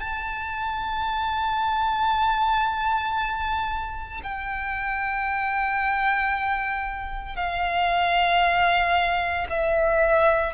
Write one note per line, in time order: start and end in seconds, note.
0.00 4.21 A5
4.23 7.36 G5
7.36 9.46 F5
9.49 10.54 E5